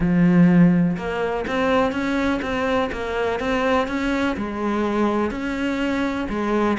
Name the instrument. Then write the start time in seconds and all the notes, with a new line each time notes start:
cello
0.00 F3
0.97 A#3
1.47 C4
1.92 C#4
2.41 C4
2.92 A#3
3.39 C4
3.87 C#4
4.36 G#3
5.30 C#4
6.29 G#3